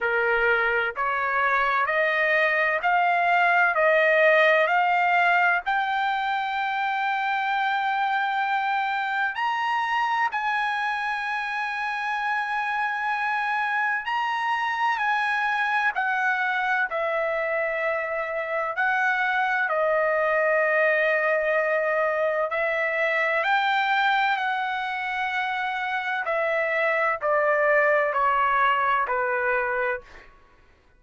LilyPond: \new Staff \with { instrumentName = "trumpet" } { \time 4/4 \tempo 4 = 64 ais'4 cis''4 dis''4 f''4 | dis''4 f''4 g''2~ | g''2 ais''4 gis''4~ | gis''2. ais''4 |
gis''4 fis''4 e''2 | fis''4 dis''2. | e''4 g''4 fis''2 | e''4 d''4 cis''4 b'4 | }